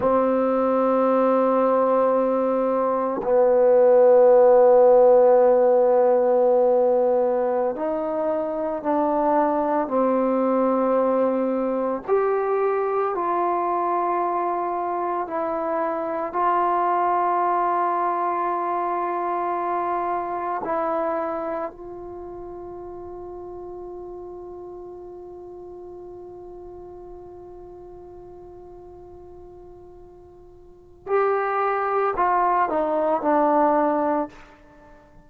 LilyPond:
\new Staff \with { instrumentName = "trombone" } { \time 4/4 \tempo 4 = 56 c'2. b4~ | b2.~ b16 dis'8.~ | dis'16 d'4 c'2 g'8.~ | g'16 f'2 e'4 f'8.~ |
f'2.~ f'16 e'8.~ | e'16 f'2.~ f'8.~ | f'1~ | f'4 g'4 f'8 dis'8 d'4 | }